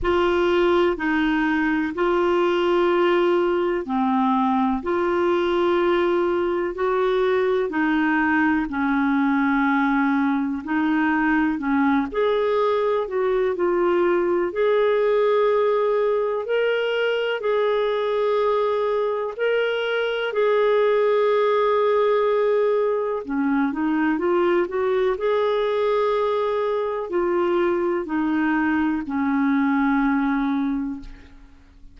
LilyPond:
\new Staff \with { instrumentName = "clarinet" } { \time 4/4 \tempo 4 = 62 f'4 dis'4 f'2 | c'4 f'2 fis'4 | dis'4 cis'2 dis'4 | cis'8 gis'4 fis'8 f'4 gis'4~ |
gis'4 ais'4 gis'2 | ais'4 gis'2. | cis'8 dis'8 f'8 fis'8 gis'2 | f'4 dis'4 cis'2 | }